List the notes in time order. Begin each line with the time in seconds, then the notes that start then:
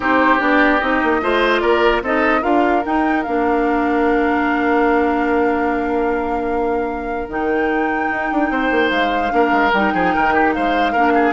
0.00 C4 D#4 G4 C5
0.39 B3 D4 D5
0.79 C4 D#4 D#5
1.03 A#3
1.21 A3 F4 C5
1.60 A#3 A#4 D5
2.01 C4 D#4 A4 D#5
2.41 D4 F4 A#4 F5
2.85 D#4 G5
3.23 A#3 D4 F5
7.28 D#3 D#4 G5
8.10 D#4
8.31 D4
8.49 C4 C5
8.71 A#3
8.90 G#3 F5
9.29 A#3 D4 A#4
9.51 G#3
9.72 G3 D#4 G5
9.93 F3 G#4
10.14 D#3 A#4
10.33 G4
10.53 G#3 C5 F5
10.92 A#3 D4 A#4
11.14 G#4